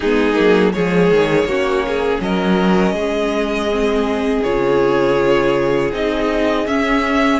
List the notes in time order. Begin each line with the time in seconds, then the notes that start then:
0.00 G#3 B3 D#4 G#4
0.34 F#3 A#3
0.72 F3 G#3 G#4 C#5
1.10 D#3
1.45 A#3 C#4 F#4
1.87 G#4
2.20 F#3 A#4 D#5
2.92 G#3 G#4
3.71 C4
4.43 C#3 F4 C#5
5.92 C4 D#4 D#5
6.67 C#4 E5